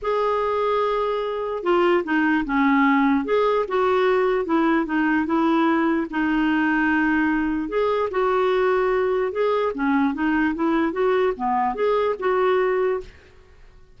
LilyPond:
\new Staff \with { instrumentName = "clarinet" } { \time 4/4 \tempo 4 = 148 gis'1 | f'4 dis'4 cis'2 | gis'4 fis'2 e'4 | dis'4 e'2 dis'4~ |
dis'2. gis'4 | fis'2. gis'4 | cis'4 dis'4 e'4 fis'4 | b4 gis'4 fis'2 | }